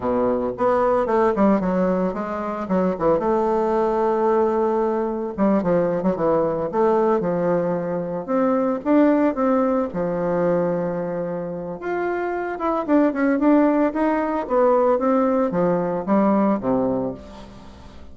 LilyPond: \new Staff \with { instrumentName = "bassoon" } { \time 4/4 \tempo 4 = 112 b,4 b4 a8 g8 fis4 | gis4 fis8 e8 a2~ | a2 g8 f8. fis16 e8~ | e8 a4 f2 c'8~ |
c'8 d'4 c'4 f4.~ | f2 f'4. e'8 | d'8 cis'8 d'4 dis'4 b4 | c'4 f4 g4 c4 | }